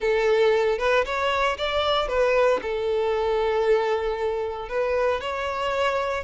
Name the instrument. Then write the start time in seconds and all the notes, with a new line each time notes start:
violin
0.00 A4
0.78 B4
1.05 C#5
1.57 D5
2.08 B4
2.62 A4
4.68 B4
5.20 C#5